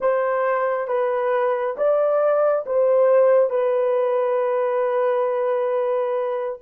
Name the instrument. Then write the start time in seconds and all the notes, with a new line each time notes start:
horn
0.00 C5
0.87 B4
1.76 D5
2.66 C5
3.50 B4